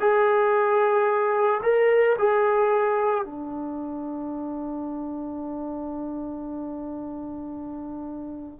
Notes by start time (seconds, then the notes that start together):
0.00 G#4
1.62 A#4
2.18 G#4
3.24 D4